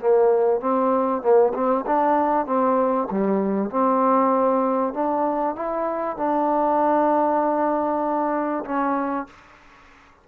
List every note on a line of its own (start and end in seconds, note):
0.00 0.60 A#3
0.60 1.22 C4
1.22 1.53 A#3
1.54 1.85 C4
1.86 2.46 D4
2.46 3.08 C4
3.11 3.70 G3
3.70 4.94 C4
4.94 5.56 D4
5.56 6.17 E4
6.17 8.64 D4
8.65 9.27 C#4